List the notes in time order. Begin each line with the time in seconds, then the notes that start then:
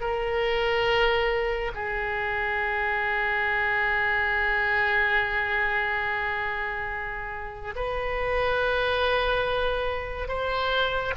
0.00 A#4
1.74 G#4
7.75 B4
10.28 C5